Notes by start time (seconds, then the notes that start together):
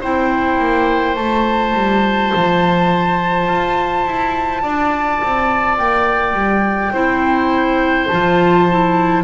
0.00 C4 E4 C5 G5
0.58 A#3
1.15 A3 F4 A5
1.74 G3
2.34 F3
3.47 F4
4.05 E4
4.62 D4 D5
5.22 C4
5.78 A#3 G5
6.33 G3
6.92 C4 E4 C5
8.07 F3 F4 A5
8.69 E4